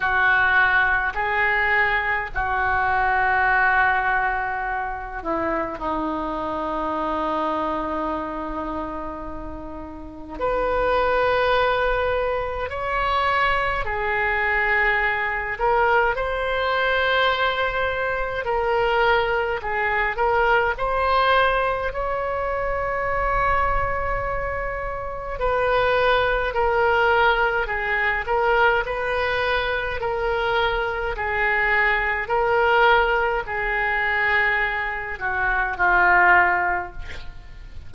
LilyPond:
\new Staff \with { instrumentName = "oboe" } { \time 4/4 \tempo 4 = 52 fis'4 gis'4 fis'2~ | fis'8 e'8 dis'2.~ | dis'4 b'2 cis''4 | gis'4. ais'8 c''2 |
ais'4 gis'8 ais'8 c''4 cis''4~ | cis''2 b'4 ais'4 | gis'8 ais'8 b'4 ais'4 gis'4 | ais'4 gis'4. fis'8 f'4 | }